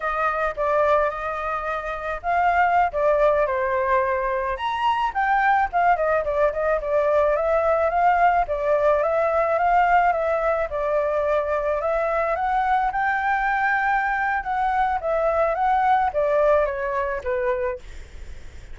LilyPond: \new Staff \with { instrumentName = "flute" } { \time 4/4 \tempo 4 = 108 dis''4 d''4 dis''2 | f''4~ f''16 d''4 c''4.~ c''16~ | c''16 ais''4 g''4 f''8 dis''8 d''8 dis''16~ | dis''16 d''4 e''4 f''4 d''8.~ |
d''16 e''4 f''4 e''4 d''8.~ | d''4~ d''16 e''4 fis''4 g''8.~ | g''2 fis''4 e''4 | fis''4 d''4 cis''4 b'4 | }